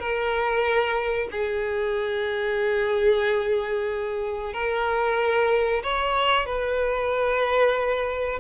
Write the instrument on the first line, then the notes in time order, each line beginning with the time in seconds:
violin
0.00 A#4
1.32 G#4
4.54 A#4
5.83 C#5
6.46 B4